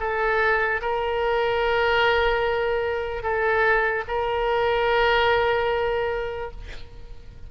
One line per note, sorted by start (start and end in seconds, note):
0.00 0.81 A4
0.81 3.23 A#4
3.23 4.04 A4
4.08 6.51 A#4